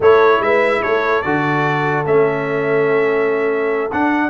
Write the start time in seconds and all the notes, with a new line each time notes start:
0.00 A3 E4 A4 C#5
0.40 G#3 B4 E5
0.82 A3 A4 C#5
1.22 D3 F#4 D5
2.05 A3 C#4 E5
3.91 D4 F#5